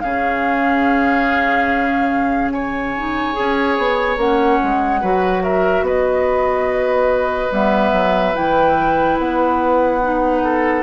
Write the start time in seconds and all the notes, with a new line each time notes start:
0.00 C#3 C#4 G#4 F5
2.51 C#5 G#5
2.96 D#4
3.33 C#4 G#4
3.78 B3
4.16 A#3 C#4 F#5
4.63 G#3
5.01 F#3 F#4 B4
5.43 A#4 E5
5.81 B3 B4 D#5
7.51 G3 B3 E5
7.92 F#3
8.34 E3 E4 G5
9.18 B3 F#5
10.02 D#4
10.43 A4